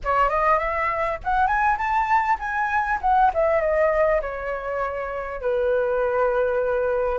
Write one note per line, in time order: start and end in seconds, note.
0.04 0.29 C#5
0.29 0.58 D#5
0.58 1.18 E5
1.24 1.47 F#5
1.47 1.77 G#5
1.77 2.37 A5
2.39 2.99 G#5
3.01 3.31 F#5
3.34 3.60 E5
3.60 4.20 D#5
4.21 5.41 C#5
5.41 7.18 B4